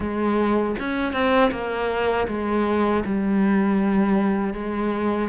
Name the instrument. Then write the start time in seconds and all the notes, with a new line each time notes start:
cello
0.00 G#3
0.79 C#4
1.13 C4
1.51 A#3
2.28 G#3
3.05 G3
4.53 G#3